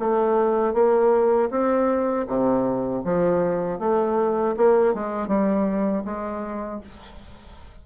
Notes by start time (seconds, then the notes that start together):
0.00 A3
0.74 A#3
1.51 C4
2.28 C3
3.05 F3
3.80 A3
4.57 A#3
4.94 G#3
5.28 G3
6.05 G#3